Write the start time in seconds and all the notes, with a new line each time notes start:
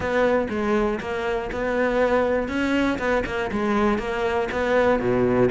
0.00 B3
0.49 G#3
1.00 A#3
1.52 B3
2.48 C#4
2.98 B3
3.25 A#3
3.51 G#3
3.98 A#3
4.51 B3
4.99 B2